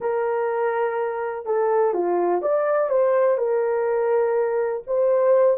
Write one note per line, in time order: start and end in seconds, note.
0.00 1.45 A#4
1.45 1.93 A4
1.93 2.41 F4
2.42 2.89 D5
2.89 3.37 C5
3.37 4.82 A#4
4.87 5.57 C5